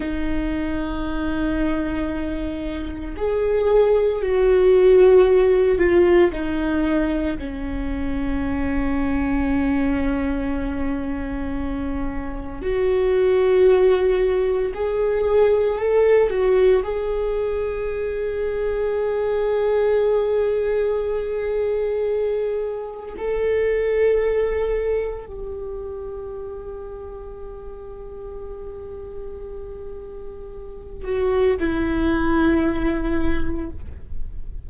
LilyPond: \new Staff \with { instrumentName = "viola" } { \time 4/4 \tempo 4 = 57 dis'2. gis'4 | fis'4. f'8 dis'4 cis'4~ | cis'1 | fis'2 gis'4 a'8 fis'8 |
gis'1~ | gis'2 a'2 | g'1~ | g'4. fis'8 e'2 | }